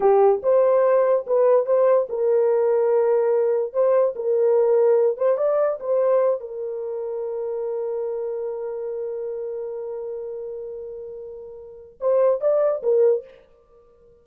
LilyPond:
\new Staff \with { instrumentName = "horn" } { \time 4/4 \tempo 4 = 145 g'4 c''2 b'4 | c''4 ais'2.~ | ais'4 c''4 ais'2~ | ais'8 c''8 d''4 c''4. ais'8~ |
ais'1~ | ais'1~ | ais'1~ | ais'4 c''4 d''4 ais'4 | }